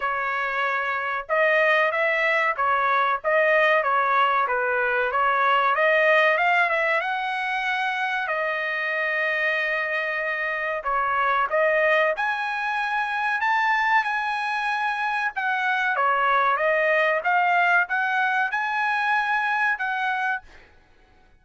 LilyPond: \new Staff \with { instrumentName = "trumpet" } { \time 4/4 \tempo 4 = 94 cis''2 dis''4 e''4 | cis''4 dis''4 cis''4 b'4 | cis''4 dis''4 f''8 e''8 fis''4~ | fis''4 dis''2.~ |
dis''4 cis''4 dis''4 gis''4~ | gis''4 a''4 gis''2 | fis''4 cis''4 dis''4 f''4 | fis''4 gis''2 fis''4 | }